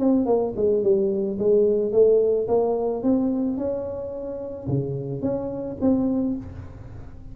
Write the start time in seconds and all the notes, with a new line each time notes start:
0.00 C4
0.26 A#3
0.57 G#3
0.84 G3
1.39 G#3
1.93 A3
2.48 A#3
3.03 C4
3.58 C#4
4.68 C#3
5.22 C#4
5.81 C4